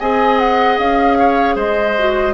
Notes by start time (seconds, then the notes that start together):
0.00 C4 G#4 D#5 G#5
0.39 F#5
0.78 C#4 F5
1.19 C#5
1.56 G#3 C5 D#5
1.98 F#4